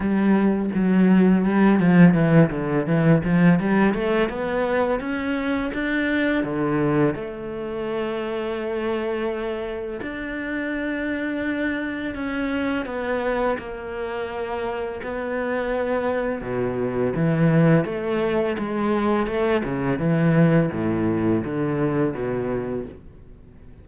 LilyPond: \new Staff \with { instrumentName = "cello" } { \time 4/4 \tempo 4 = 84 g4 fis4 g8 f8 e8 d8 | e8 f8 g8 a8 b4 cis'4 | d'4 d4 a2~ | a2 d'2~ |
d'4 cis'4 b4 ais4~ | ais4 b2 b,4 | e4 a4 gis4 a8 cis8 | e4 a,4 d4 b,4 | }